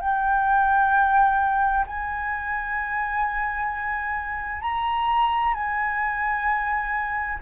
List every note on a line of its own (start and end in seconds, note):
0.00 1.85 G5
1.86 4.61 G#5
4.61 5.53 A#5
5.54 7.38 G#5